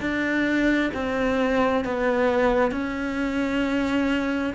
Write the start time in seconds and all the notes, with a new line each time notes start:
0.00 D4
0.93 C4
1.84 B3
2.71 C#4